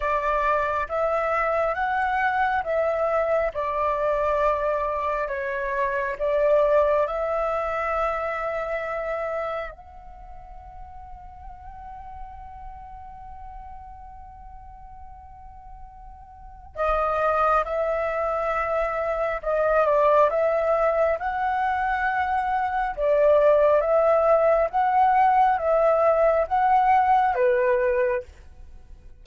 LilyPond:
\new Staff \with { instrumentName = "flute" } { \time 4/4 \tempo 4 = 68 d''4 e''4 fis''4 e''4 | d''2 cis''4 d''4 | e''2. fis''4~ | fis''1~ |
fis''2. dis''4 | e''2 dis''8 d''8 e''4 | fis''2 d''4 e''4 | fis''4 e''4 fis''4 b'4 | }